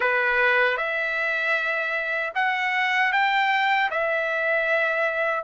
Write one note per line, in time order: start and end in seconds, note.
0.00 0.77 B4
0.77 2.32 E5
2.34 3.12 F#5
3.12 3.90 G5
3.90 5.44 E5